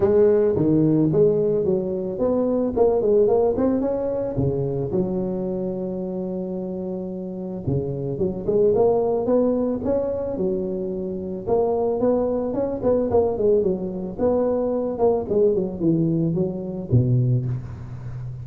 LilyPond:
\new Staff \with { instrumentName = "tuba" } { \time 4/4 \tempo 4 = 110 gis4 dis4 gis4 fis4 | b4 ais8 gis8 ais8 c'8 cis'4 | cis4 fis2.~ | fis2 cis4 fis8 gis8 |
ais4 b4 cis'4 fis4~ | fis4 ais4 b4 cis'8 b8 | ais8 gis8 fis4 b4. ais8 | gis8 fis8 e4 fis4 b,4 | }